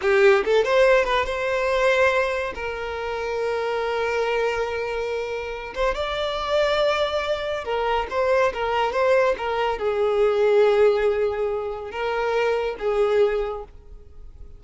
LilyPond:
\new Staff \with { instrumentName = "violin" } { \time 4/4 \tempo 4 = 141 g'4 a'8 c''4 b'8 c''4~ | c''2 ais'2~ | ais'1~ | ais'4. c''8 d''2~ |
d''2 ais'4 c''4 | ais'4 c''4 ais'4 gis'4~ | gis'1 | ais'2 gis'2 | }